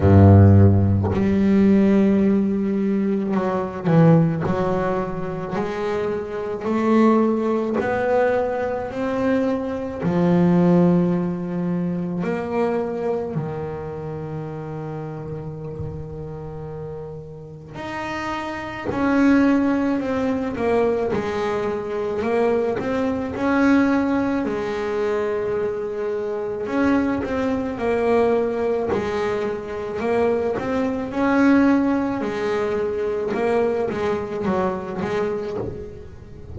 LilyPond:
\new Staff \with { instrumentName = "double bass" } { \time 4/4 \tempo 4 = 54 g,4 g2 fis8 e8 | fis4 gis4 a4 b4 | c'4 f2 ais4 | dis1 |
dis'4 cis'4 c'8 ais8 gis4 | ais8 c'8 cis'4 gis2 | cis'8 c'8 ais4 gis4 ais8 c'8 | cis'4 gis4 ais8 gis8 fis8 gis8 | }